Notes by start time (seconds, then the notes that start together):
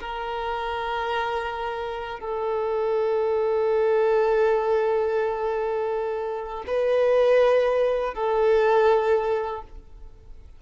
0.00 A#4
2.20 A4
6.67 B4
8.14 A4